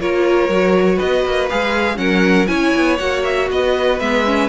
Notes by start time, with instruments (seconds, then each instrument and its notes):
0.00 cello A#3, viola F4, violin A#4 C#5
0.49 cello F#3, viola F#4
0.95 violin B4 D#5
1.03 cello B3
1.25 cello A#3
1.50 cello G#3, viola G#4, violin F5
1.96 cello F#3, viola C#4, violin A#4 F#5
2.47 cello C#4, viola E4, violin C#5 G#5
2.76 cello B3
2.98 cello A#3, viola F#4, violin F#5
3.24 violin E5
3.51 cello B3, violin B4 D#5
4.00 cello G#3, viola B3, violin E5
4.26 viola C#4